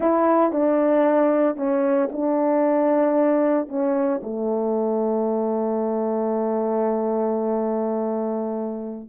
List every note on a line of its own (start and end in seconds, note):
0.00 0.51 E4
0.51 1.56 D4
1.56 2.09 C#4
2.11 3.68 D4
3.68 4.21 C#4
4.22 9.09 A3